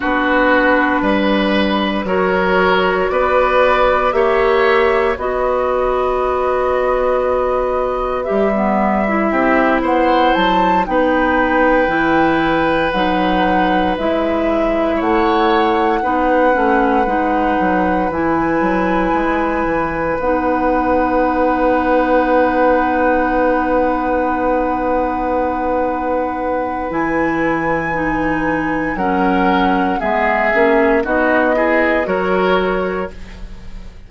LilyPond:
<<
  \new Staff \with { instrumentName = "flute" } { \time 4/4 \tempo 4 = 58 b'2 cis''4 d''4 | e''4 dis''2. | e''4. fis''8 a''8 g''4.~ | g''8 fis''4 e''4 fis''4.~ |
fis''4. gis''2 fis''8~ | fis''1~ | fis''2 gis''2 | fis''4 e''4 dis''4 cis''4 | }
  \new Staff \with { instrumentName = "oboe" } { \time 4/4 fis'4 b'4 ais'4 b'4 | cis''4 b'2.~ | b'4 g'8 c''4 b'4.~ | b'2~ b'8 cis''4 b'8~ |
b'1~ | b'1~ | b'1 | ais'4 gis'4 fis'8 gis'8 ais'4 | }
  \new Staff \with { instrumentName = "clarinet" } { \time 4/4 d'2 fis'2 | g'4 fis'2. | g'16 b8 e'4.~ e'16 dis'4 e'8~ | e'8 dis'4 e'2 dis'8 |
cis'8 dis'4 e'2 dis'8~ | dis'1~ | dis'2 e'4 dis'4 | cis'4 b8 cis'8 dis'8 e'8 fis'4 | }
  \new Staff \with { instrumentName = "bassoon" } { \time 4/4 b4 g4 fis4 b4 | ais4 b2. | g4 c'8 b8 fis8 b4 e8~ | e8 fis4 gis4 a4 b8 |
a8 gis8 fis8 e8 fis8 gis8 e8 b8~ | b1~ | b2 e2 | fis4 gis8 ais8 b4 fis4 | }
>>